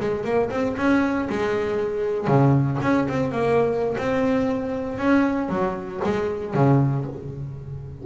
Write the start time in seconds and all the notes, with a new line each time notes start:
0.00 G#3
0.25 A#3
0.51 C4
0.78 C#4
1.30 G#3
2.28 C#3
2.82 C#4
3.09 C4
3.32 A#3
3.98 C4
4.99 C#4
5.49 F#3
6.04 G#3
6.55 C#3